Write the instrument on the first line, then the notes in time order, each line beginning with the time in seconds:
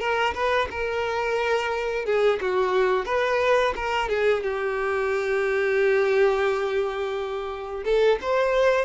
violin
0.00 A#4
0.35 B4
0.71 A#4
2.06 G#4
2.41 F#4
3.06 B4
3.76 A#4
4.10 G#4
4.43 G4
7.85 A4
8.22 C5